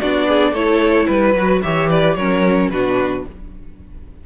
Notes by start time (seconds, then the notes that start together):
0.00 B3 D4 F#4 D5
0.28 G#4
0.52 A3 E4 A4 C#5
1.07 G3 B4
1.34 F#3 F#4
1.62 E3 G4 C#5 E5
1.90 B4 D5
2.15 F#3 C#4 A#4 C#5
2.69 B2 D4 F#4 B4